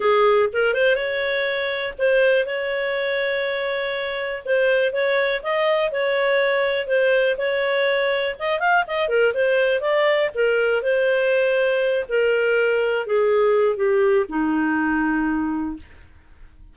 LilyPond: \new Staff \with { instrumentName = "clarinet" } { \time 4/4 \tempo 4 = 122 gis'4 ais'8 c''8 cis''2 | c''4 cis''2.~ | cis''4 c''4 cis''4 dis''4 | cis''2 c''4 cis''4~ |
cis''4 dis''8 f''8 dis''8 ais'8 c''4 | d''4 ais'4 c''2~ | c''8 ais'2 gis'4. | g'4 dis'2. | }